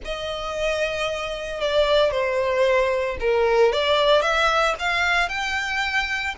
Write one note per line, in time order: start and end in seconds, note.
0.04 1.60 D#5
1.60 2.11 D5
2.11 3.17 C5
3.20 3.72 A#4
3.72 4.21 D5
4.21 4.74 E5
4.79 5.28 F5
5.28 6.35 G5